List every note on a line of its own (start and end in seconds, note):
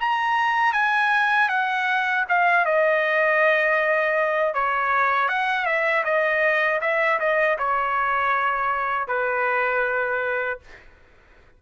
0.00 0.73 A#5
0.73 1.49 G#5
1.49 2.25 F#5
2.29 2.65 F5
2.65 4.54 D#5
4.54 5.29 C#5
5.29 5.66 F#5
5.66 6.04 E5
6.04 6.80 D#5
6.81 7.19 E5
7.20 7.58 D#5
7.58 9.08 C#5
9.08 10.60 B4